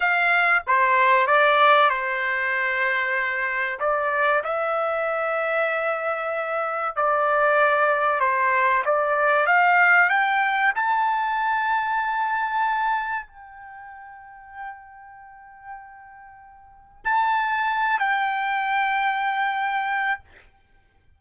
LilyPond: \new Staff \with { instrumentName = "trumpet" } { \time 4/4 \tempo 4 = 95 f''4 c''4 d''4 c''4~ | c''2 d''4 e''4~ | e''2. d''4~ | d''4 c''4 d''4 f''4 |
g''4 a''2.~ | a''4 g''2.~ | g''2. a''4~ | a''8 g''2.~ g''8 | }